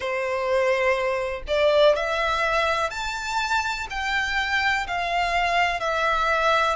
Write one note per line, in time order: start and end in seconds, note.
0.00 1.43 C5
1.47 1.95 D5
1.95 2.90 E5
2.90 3.87 A5
3.89 4.86 G5
4.87 5.79 F5
5.79 6.75 E5